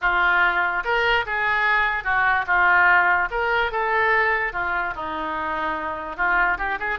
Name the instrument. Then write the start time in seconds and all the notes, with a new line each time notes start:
oboe
0.01 F4
0.84 A#4
1.26 G#4
2.04 F#4
2.46 F4
3.30 A#4
3.71 A4
4.52 F4
4.95 D#4
6.16 F4
6.58 G4
6.79 G#4